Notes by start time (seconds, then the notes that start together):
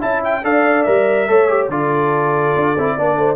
0.00 C#4 E4 E5 A5
0.24 G5
0.43 D4 A4 D5 F5
0.83 G3 A#4 E5
1.27 A3 A4 C#5
1.48 G4
1.68 D3 F4 A4 D5
2.55 D4
2.77 C4 E4
2.96 A#3 D4 D5
3.16 A3 C5